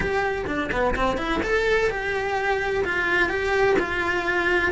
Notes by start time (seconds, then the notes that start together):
0.00 G4
0.46 D4
0.71 B3
0.95 C4
1.17 E4
1.43 A4
1.90 G4
2.84 F4
3.29 G4
3.79 F4